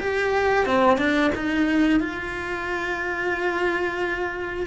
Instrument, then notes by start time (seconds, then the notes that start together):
cello
0.00 G4
0.66 C4
0.98 D4
1.35 D#4
2.00 F4